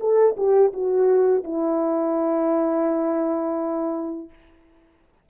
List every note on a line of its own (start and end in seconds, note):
0.00 0.36 A4
0.37 0.72 G4
0.73 1.44 F#4
1.44 4.29 E4